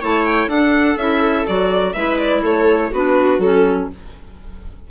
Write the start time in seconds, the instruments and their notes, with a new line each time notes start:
0.00 bassoon A3, clarinet E4, viola C#5, violin A5
0.25 violin G5
0.47 bassoon D4, clarinet D4, viola A4, violin F#5
0.96 bassoon C#4, clarinet E4, violin E5
1.46 bassoon F#3, clarinet F#4, violin D5
1.93 bassoon G#3, clarinet E4, viola B4, violin E5
2.18 violin D5
2.42 bassoon A3, viola A4, violin C#5
2.90 bassoon B3, clarinet D4, viola F#4, violin B4
3.38 bassoon F#3, clarinet C#4, violin A4